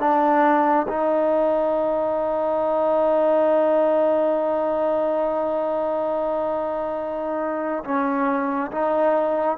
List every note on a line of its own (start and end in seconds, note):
0.00 0.87 D4
0.88 7.84 D#4
7.85 8.72 C#4
8.72 9.58 D#4